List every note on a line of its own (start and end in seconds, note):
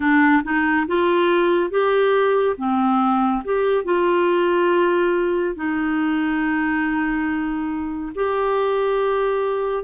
0.00 0.42 D4
0.43 0.86 D#4
0.87 1.70 F4
1.70 2.56 G4
2.57 3.42 C4
3.44 3.84 G4
3.84 5.55 F4
5.55 8.12 D#4
8.15 9.84 G4